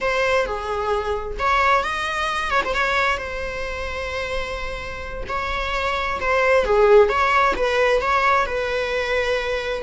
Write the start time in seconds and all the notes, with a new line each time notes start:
0.00 C5
0.46 G#4
1.39 C#5
1.83 D#5
2.50 C#5
2.64 C5
2.74 C#5
3.17 C5
5.28 C#5
6.20 C5
6.64 G#4
7.08 C#5
7.56 B4
8.01 C#5
8.46 B4